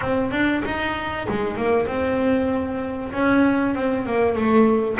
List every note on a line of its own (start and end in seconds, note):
0.01 0.31 C4
0.31 0.62 D4
0.64 1.27 D#4
1.28 1.57 G#3
1.57 1.86 A#3
1.86 3.11 C4
3.12 3.74 C#4
3.74 4.05 C4
4.05 4.35 A#3
4.35 4.98 A3